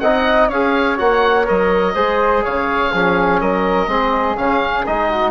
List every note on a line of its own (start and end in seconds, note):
0.00 0.50 C4
0.00 0.52 D#4
0.00 0.49 D#5
0.00 0.48 F#5
0.49 0.98 C#4
0.49 0.97 G#4
0.49 1.94 C#5
0.49 0.98 F5
0.97 1.48 A#3
0.97 1.45 F#4
0.97 1.47 F#5
1.45 1.95 F#3
1.45 1.94 A#4
1.45 2.45 D#5
1.95 2.44 G#3
1.95 2.92 G#4
1.95 2.43 C5
2.44 2.93 C#3
2.44 2.92 C#5
2.44 3.41 F5
2.92 3.42 F3
2.92 3.87 C#4
2.92 3.41 G#4
3.41 3.87 F#3
3.41 3.90 A#4
3.41 4.37 D#5
3.87 4.36 G#3
3.87 4.36 C4
3.87 5.10 G#4
4.36 4.86 C#3
4.36 4.85 C#4
4.36 4.85 F5
4.86 5.31 G#3
4.86 5.31 D#4
4.86 5.31 D#5
5.10 5.31 F#4